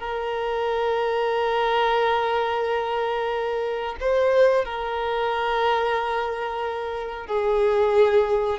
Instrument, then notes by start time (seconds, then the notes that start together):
violin
0.00 A#4
4.00 C5
4.65 A#4
7.27 G#4